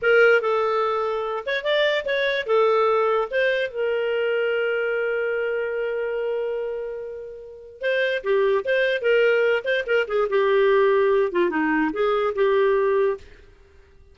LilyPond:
\new Staff \with { instrumentName = "clarinet" } { \time 4/4 \tempo 4 = 146 ais'4 a'2~ a'8 cis''8 | d''4 cis''4 a'2 | c''4 ais'2.~ | ais'1~ |
ais'2. c''4 | g'4 c''4 ais'4. c''8 | ais'8 gis'8 g'2~ g'8 f'8 | dis'4 gis'4 g'2 | }